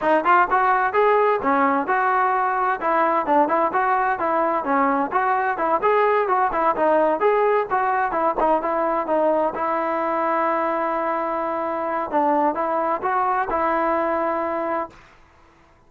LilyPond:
\new Staff \with { instrumentName = "trombone" } { \time 4/4 \tempo 4 = 129 dis'8 f'8 fis'4 gis'4 cis'4 | fis'2 e'4 d'8 e'8 | fis'4 e'4 cis'4 fis'4 | e'8 gis'4 fis'8 e'8 dis'4 gis'8~ |
gis'8 fis'4 e'8 dis'8 e'4 dis'8~ | dis'8 e'2.~ e'8~ | e'2 d'4 e'4 | fis'4 e'2. | }